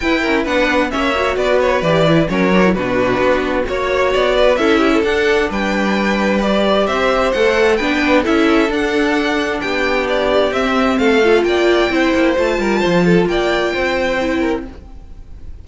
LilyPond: <<
  \new Staff \with { instrumentName = "violin" } { \time 4/4 \tempo 4 = 131 g''4 fis''4 e''4 d''8 cis''8 | d''4 cis''4 b'2 | cis''4 d''4 e''4 fis''4 | g''2 d''4 e''4 |
fis''4 g''4 e''4 fis''4~ | fis''4 g''4 d''4 e''4 | f''4 g''2 a''4~ | a''4 g''2. | }
  \new Staff \with { instrumentName = "violin" } { \time 4/4 b'8 ais'8 b'4 cis''4 b'4~ | b'4 ais'4 fis'2 | cis''4. b'8 a'8 g'16 a'4~ a'16 | b'2. c''4~ |
c''4 b'4 a'2~ | a'4 g'2. | a'4 d''4 c''4. ais'8 | c''8 a'8 d''4 c''4. ais'8 | }
  \new Staff \with { instrumentName = "viola" } { \time 4/4 e'8 cis'8 d'4 cis'8 fis'4. | g'8 e'8 cis'8 d'16 e'16 d'2 | fis'2 e'4 d'4~ | d'2 g'2 |
a'4 d'4 e'4 d'4~ | d'2. c'4~ | c'8 f'4. e'4 f'4~ | f'2. e'4 | }
  \new Staff \with { instrumentName = "cello" } { \time 4/4 e'4 b4 ais4 b4 | e4 fis4 b,4 b4 | ais4 b4 cis'4 d'4 | g2. c'4 |
a4 b4 cis'4 d'4~ | d'4 b2 c'4 | a4 ais4 c'8 ais8 a8 g8 | f4 ais4 c'2 | }
>>